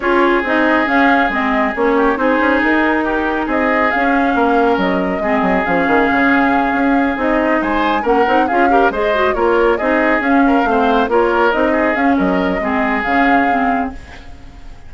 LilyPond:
<<
  \new Staff \with { instrumentName = "flute" } { \time 4/4 \tempo 4 = 138 cis''4 dis''4 f''4 dis''4 | cis''4 c''4 ais'2 | dis''4 f''2 dis''4~ | dis''4 f''2.~ |
f''8 dis''4 gis''4 fis''4 f''8~ | f''8 dis''4 cis''4 dis''4 f''8~ | f''4. cis''4 dis''4 f''8 | dis''2 f''2 | }
  \new Staff \with { instrumentName = "oboe" } { \time 4/4 gis'1~ | gis'8 g'8 gis'2 g'4 | gis'2 ais'2 | gis'1~ |
gis'4. c''4 ais'4 gis'8 | ais'8 c''4 ais'4 gis'4. | ais'8 c''4 ais'4. gis'4 | ais'4 gis'2. | }
  \new Staff \with { instrumentName = "clarinet" } { \time 4/4 f'4 dis'4 cis'4 c'4 | cis'4 dis'2.~ | dis'4 cis'2. | c'4 cis'2.~ |
cis'8 dis'2 cis'8 dis'8 f'8 | g'8 gis'8 fis'8 f'4 dis'4 cis'8~ | cis'8 c'4 f'4 dis'4 cis'8~ | cis'4 c'4 cis'4 c'4 | }
  \new Staff \with { instrumentName = "bassoon" } { \time 4/4 cis'4 c'4 cis'4 gis4 | ais4 c'8 cis'8 dis'2 | c'4 cis'4 ais4 fis4 | gis8 fis8 f8 dis8 cis4. cis'8~ |
cis'8 c'4 gis4 ais8 c'8 cis'8~ | cis'8 gis4 ais4 c'4 cis'8~ | cis'8 a4 ais4 c'4 cis'8 | fis4 gis4 cis2 | }
>>